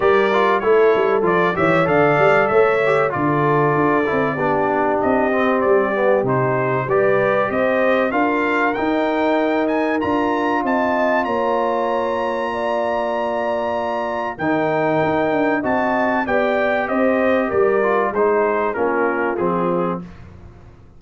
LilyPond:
<<
  \new Staff \with { instrumentName = "trumpet" } { \time 4/4 \tempo 4 = 96 d''4 cis''4 d''8 e''8 f''4 | e''4 d''2. | dis''4 d''4 c''4 d''4 | dis''4 f''4 g''4. gis''8 |
ais''4 a''4 ais''2~ | ais''2. g''4~ | g''4 a''4 g''4 dis''4 | d''4 c''4 ais'4 gis'4 | }
  \new Staff \with { instrumentName = "horn" } { \time 4/4 ais'4 a'4. cis''8 d''4 | cis''4 a'2 g'4~ | g'2. b'4 | c''4 ais'2.~ |
ais'4 dis''4 cis''2 | d''2. ais'4~ | ais'4 dis''4 d''4 c''4 | ais'4 gis'4 f'2 | }
  \new Staff \with { instrumentName = "trombone" } { \time 4/4 g'8 f'8 e'4 f'8 g'8 a'4~ | a'8 g'8 f'4. e'8 d'4~ | d'8 c'4 b8 dis'4 g'4~ | g'4 f'4 dis'2 |
f'1~ | f'2. dis'4~ | dis'4 fis'4 g'2~ | g'8 f'8 dis'4 cis'4 c'4 | }
  \new Staff \with { instrumentName = "tuba" } { \time 4/4 g4 a8 g8 f8 e8 d8 g8 | a4 d4 d'8 c'8 b4 | c'4 g4 c4 g4 | c'4 d'4 dis'2 |
d'4 c'4 ais2~ | ais2. dis4 | dis'8 d'8 c'4 b4 c'4 | g4 gis4 ais4 f4 | }
>>